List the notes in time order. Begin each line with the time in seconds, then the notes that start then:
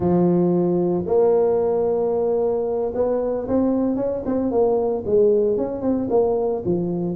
0.00 F3
1.06 A#3
2.94 B3
3.48 C4
3.96 C#4
4.25 C4
4.51 A#3
5.05 G#3
5.57 C#4
5.81 C4
6.10 A#3
6.65 F3